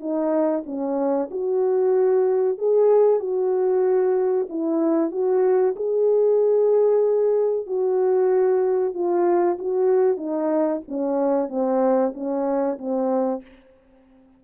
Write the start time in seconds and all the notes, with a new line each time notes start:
0.00 D#4
0.66 C#4
1.31 F#4
2.58 G#4
3.19 F#4
4.49 E4
5.11 F#4
5.76 G#4
7.67 F#4
8.94 F4
9.59 F#4
10.17 D#4
10.88 C#4
11.49 C4
12.15 C#4
12.78 C4